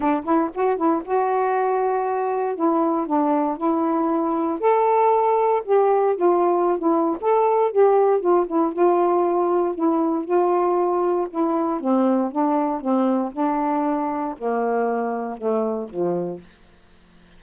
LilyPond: \new Staff \with { instrumentName = "saxophone" } { \time 4/4 \tempo 4 = 117 d'8 e'8 fis'8 e'8 fis'2~ | fis'4 e'4 d'4 e'4~ | e'4 a'2 g'4 | f'4~ f'16 e'8. a'4 g'4 |
f'8 e'8 f'2 e'4 | f'2 e'4 c'4 | d'4 c'4 d'2 | ais2 a4 f4 | }